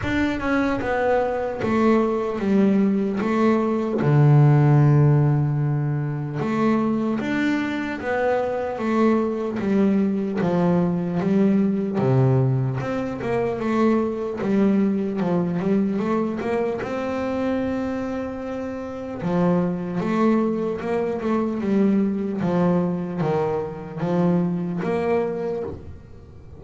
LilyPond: \new Staff \with { instrumentName = "double bass" } { \time 4/4 \tempo 4 = 75 d'8 cis'8 b4 a4 g4 | a4 d2. | a4 d'4 b4 a4 | g4 f4 g4 c4 |
c'8 ais8 a4 g4 f8 g8 | a8 ais8 c'2. | f4 a4 ais8 a8 g4 | f4 dis4 f4 ais4 | }